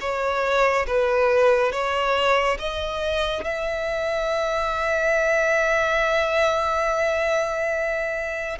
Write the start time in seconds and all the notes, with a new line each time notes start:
0.00 C#5
0.86 B4
1.71 C#5
2.58 D#5
3.44 E5